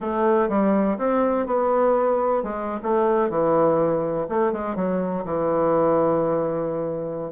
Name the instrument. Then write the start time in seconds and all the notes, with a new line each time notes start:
bassoon
0.00 A3
0.49 G3
0.98 C4
1.46 B3
2.43 G#3
2.82 A3
3.29 E3
4.28 A3
4.52 G#3
4.75 F#3
5.24 E3